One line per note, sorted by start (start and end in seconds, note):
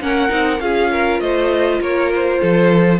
0.00 0.30 A#3
0.00 0.28 C#4
0.00 0.62 A#4
0.00 0.60 F#5
0.28 0.60 C4
0.28 0.58 D#4
0.59 1.20 C#4
0.59 2.99 F4
0.59 0.92 G#4
0.59 1.20 F5
0.92 1.22 A#4
1.20 1.80 A3
1.20 1.81 C5
1.20 1.80 D#5
1.80 2.40 A#3
1.80 2.40 A#4
1.80 2.12 C#5
2.15 2.99 C5
2.40 2.99 F3
2.40 2.99 A4